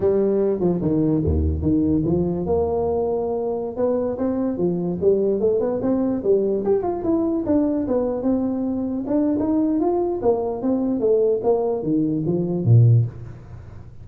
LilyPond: \new Staff \with { instrumentName = "tuba" } { \time 4/4 \tempo 4 = 147 g4. f8 dis4 dis,4 | dis4 f4 ais2~ | ais4~ ais16 b4 c'4 f8.~ | f16 g4 a8 b8 c'4 g8.~ |
g16 g'8 f'8 e'4 d'4 b8.~ | b16 c'2 d'8. dis'4 | f'4 ais4 c'4 a4 | ais4 dis4 f4 ais,4 | }